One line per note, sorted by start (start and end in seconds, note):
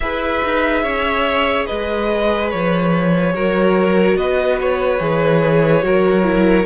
0.00 0.42 E4
0.00 3.33 G#4
0.00 0.83 B4
0.00 1.65 E5
0.43 0.83 D#4
0.83 1.66 C#4
0.83 1.66 C#5
1.66 2.53 G#3
1.66 3.33 B4
1.66 2.49 D#5
2.50 3.34 F3
2.50 4.16 C#5
3.33 4.15 F#3
3.33 4.99 F#4
3.33 4.17 A#4
4.15 4.99 B3
4.15 5.84 B4
4.15 4.58 D#5
4.60 6.66 C#5
4.99 5.82 E3
4.99 5.82 G#4
5.82 6.66 F#3
5.82 6.24 F#4
5.82 6.66 A#4
6.24 6.65 E4